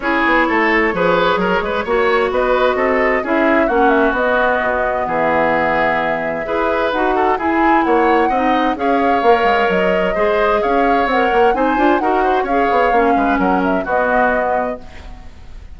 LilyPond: <<
  \new Staff \with { instrumentName = "flute" } { \time 4/4 \tempo 4 = 130 cis''1~ | cis''4 dis''2 e''4 | fis''8 e''8 dis''2 e''4~ | e''2. fis''4 |
gis''4 fis''2 f''4~ | f''4 dis''2 f''4 | fis''4 gis''4 fis''4 f''4~ | f''4 fis''8 e''8 dis''2 | }
  \new Staff \with { instrumentName = "oboe" } { \time 4/4 gis'4 a'4 b'4 ais'8 b'8 | cis''4 b'4 a'4 gis'4 | fis'2. gis'4~ | gis'2 b'4. a'8 |
gis'4 cis''4 dis''4 cis''4~ | cis''2 c''4 cis''4~ | cis''4 c''4 ais'8 c''8 cis''4~ | cis''8 b'8 ais'4 fis'2 | }
  \new Staff \with { instrumentName = "clarinet" } { \time 4/4 e'2 gis'2 | fis'2. e'4 | cis'4 b2.~ | b2 gis'4 fis'4 |
e'2 dis'4 gis'4 | ais'2 gis'2 | ais'4 dis'8 f'8 fis'4 gis'4 | cis'2 b2 | }
  \new Staff \with { instrumentName = "bassoon" } { \time 4/4 cis'8 b8 a4 f4 fis8 gis8 | ais4 b4 c'4 cis'4 | ais4 b4 b,4 e4~ | e2 e'4 dis'4 |
e'4 ais4 c'4 cis'4 | ais8 gis8 fis4 gis4 cis'4 | c'8 ais8 c'8 d'8 dis'4 cis'8 b8 | ais8 gis8 fis4 b2 | }
>>